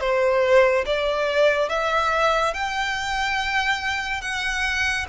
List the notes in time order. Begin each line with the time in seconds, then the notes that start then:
0.00 C5
0.85 D5
1.69 E5
2.54 G5
4.21 F#5